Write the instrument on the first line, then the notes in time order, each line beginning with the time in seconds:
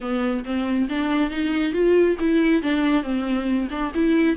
viola
0.01 B3
0.44 C4
0.89 D4
1.30 D#4
1.73 F4
2.19 E4
2.62 D4
3.03 C4
3.70 D4
3.94 E4